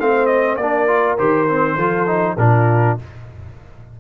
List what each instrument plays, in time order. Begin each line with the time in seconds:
0.00 tuba A3, trombone C4, horn C5, trumpet F5
0.26 trumpet D#5
0.57 tuba A#3, trombone D4, horn A#4, trumpet D5
0.88 trombone F4
1.19 tuba D#3, trombone G4, trumpet C5
1.49 trombone C4
1.76 tuba F3, trombone F4, horn A4
2.07 trombone D#4
2.38 tuba A#2, trombone D4, horn F4, trumpet A#4